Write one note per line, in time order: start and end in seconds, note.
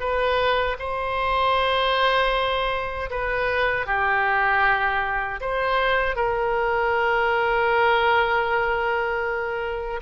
0.00 0.77 B4
0.79 3.10 C5
3.10 3.86 B4
3.86 5.40 G4
5.41 6.16 C5
6.16 10.00 A#4